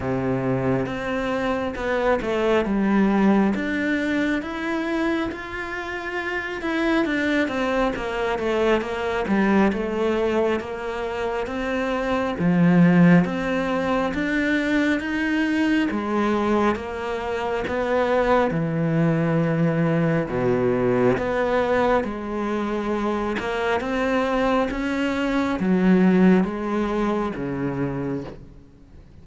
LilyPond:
\new Staff \with { instrumentName = "cello" } { \time 4/4 \tempo 4 = 68 c4 c'4 b8 a8 g4 | d'4 e'4 f'4. e'8 | d'8 c'8 ais8 a8 ais8 g8 a4 | ais4 c'4 f4 c'4 |
d'4 dis'4 gis4 ais4 | b4 e2 b,4 | b4 gis4. ais8 c'4 | cis'4 fis4 gis4 cis4 | }